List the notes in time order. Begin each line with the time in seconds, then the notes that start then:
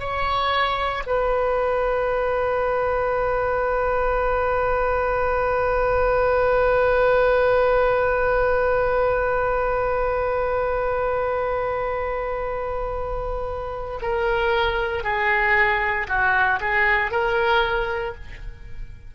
0.00 C#5
1.07 B4
14.02 A#4
15.04 G#4
16.08 F#4
16.60 G#4
17.12 A#4